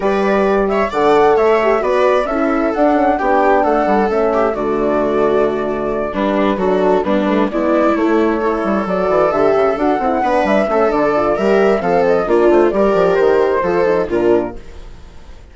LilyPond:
<<
  \new Staff \with { instrumentName = "flute" } { \time 4/4 \tempo 4 = 132 d''4. e''8 fis''4 e''4 | d''4 e''4 fis''4 g''4 | fis''4 e''4 d''2~ | d''4. b'4 a'4 b'8~ |
b'8 d''4 cis''2 d''8~ | d''8 e''4 fis''4. e''4 | d''4 e''4 f''8 dis''8 d''8 c''8 | d''4 c''2 ais'4 | }
  \new Staff \with { instrumentName = "viola" } { \time 4/4 b'4. cis''8 d''4 cis''4 | b'4 a'2 g'4 | a'4. g'8 fis'2~ | fis'4. d'4 fis'4 d'8~ |
d'8 e'2 a'4.~ | a'2~ a'8 b'4 a'8~ | a'4 ais'4 a'4 f'4 | ais'2 a'4 f'4 | }
  \new Staff \with { instrumentName = "horn" } { \time 4/4 g'2 a'4. g'8 | fis'4 e'4 d'8 cis'8 d'4~ | d'4 cis'4 a2~ | a4. g4 d'4 b8 |
a8 b4 a4 e'4 fis'8~ | fis'8 g'4 fis'8 e'8 d'4 cis'8 | d'8 f'8 g'4 c'4 d'4 | g'2 f'8 dis'8 d'4 | }
  \new Staff \with { instrumentName = "bassoon" } { \time 4/4 g2 d4 a4 | b4 cis'4 d'4 b4 | a8 g8 a4 d2~ | d4. g4 fis4 g8~ |
g8 gis4 a4. g8 fis8 | e8 d8 cis8 d'8 c'8 b8 g8 a8 | d4 g4 f4 ais8 a8 | g8 f8 dis4 f4 ais,4 | }
>>